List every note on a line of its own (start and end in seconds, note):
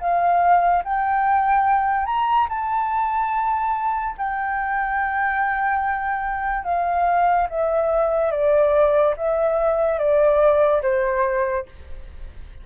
0.00 0.83 F5
0.84 2.06 G5
2.06 2.48 A#5
2.49 4.16 A5
4.18 6.64 G5
6.64 7.48 F5
7.50 8.31 E5
8.31 9.15 D5
9.17 9.99 E5
9.99 10.82 D5
10.83 11.66 C5